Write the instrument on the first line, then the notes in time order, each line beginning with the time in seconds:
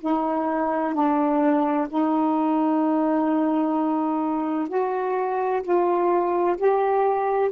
saxophone
0.00 D#4
0.94 D4
1.89 D#4
4.68 F#4
5.62 F4
6.57 G4